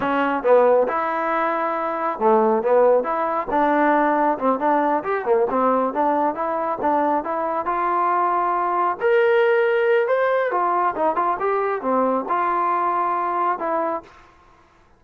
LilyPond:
\new Staff \with { instrumentName = "trombone" } { \time 4/4 \tempo 4 = 137 cis'4 b4 e'2~ | e'4 a4 b4 e'4 | d'2 c'8 d'4 g'8 | ais8 c'4 d'4 e'4 d'8~ |
d'8 e'4 f'2~ f'8~ | f'8 ais'2~ ais'8 c''4 | f'4 dis'8 f'8 g'4 c'4 | f'2. e'4 | }